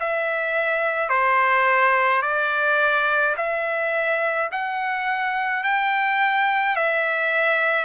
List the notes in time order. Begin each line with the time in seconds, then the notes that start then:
0.00 E5
1.10 C5
2.22 D5
3.37 E5
4.52 F#5
5.63 G5
6.76 E5